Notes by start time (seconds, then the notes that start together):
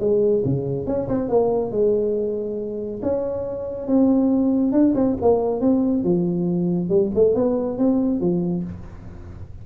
0.00 G#3
0.45 C#3
0.86 C#4
1.09 C4
1.29 A#3
1.71 G#3
3.03 C#4
3.88 C4
4.72 D4
4.95 C4
5.22 A#3
5.61 C4
6.04 F3
6.89 G3
7.15 A3
7.35 B3
7.78 C4
8.20 F3